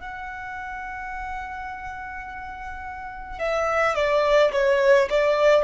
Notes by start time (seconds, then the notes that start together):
0.00 F#5
3.39 E5
3.95 D5
4.52 C#5
5.09 D5